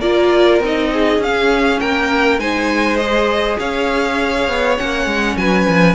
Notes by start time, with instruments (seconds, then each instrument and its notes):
0.00 cello A#3, viola F4, violin A#4 D5
0.59 cello C4, viola D#4, violin D#5
0.93 violin G#4
1.18 cello C#4, viola C#4, violin F5
1.80 cello A#3, violin A#4 G5
2.38 cello G#3, viola D#4, violin C5 G#5
2.97 viola G#4, violin D#5
3.59 cello C#4, violin C#5 F5
4.48 cello B3
4.77 cello A#3, viola C#4, violin F#5
5.06 cello G#3
5.37 cello F#3, violin B4 G#5
5.68 cello F3